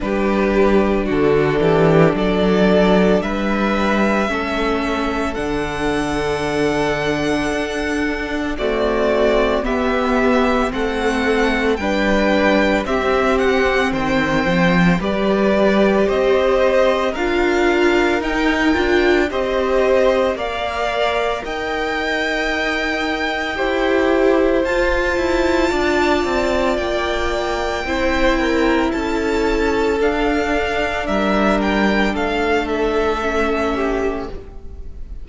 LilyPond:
<<
  \new Staff \with { instrumentName = "violin" } { \time 4/4 \tempo 4 = 56 b'4 a'4 d''4 e''4~ | e''4 fis''2. | d''4 e''4 fis''4 g''4 | e''8 fis''8 g''4 d''4 dis''4 |
f''4 g''4 dis''4 f''4 | g''2. a''4~ | a''4 g''2 a''4 | f''4 e''8 g''8 f''8 e''4. | }
  \new Staff \with { instrumentName = "violin" } { \time 4/4 g'4 fis'8 g'8 a'4 b'4 | a'1 | fis'4 g'4 a'4 b'4 | g'4 c''4 b'4 c''4 |
ais'2 c''4 d''4 | dis''2 c''2 | d''2 c''8 ais'8 a'4~ | a'4 ais'4 a'4. g'8 | }
  \new Staff \with { instrumentName = "viola" } { \time 4/4 d'1 | cis'4 d'2. | a4 b4 c'4 d'4 | c'2 g'2 |
f'4 dis'8 f'8 g'4 ais'4~ | ais'2 g'4 f'4~ | f'2 e'2 | d'2. cis'4 | }
  \new Staff \with { instrumentName = "cello" } { \time 4/4 g4 d8 e8 fis4 g4 | a4 d2 d'4 | c'4 b4 a4 g4 | c'4 dis8 f8 g4 c'4 |
d'4 dis'8 d'8 c'4 ais4 | dis'2 e'4 f'8 e'8 | d'8 c'8 ais4 c'4 cis'4 | d'4 g4 a2 | }
>>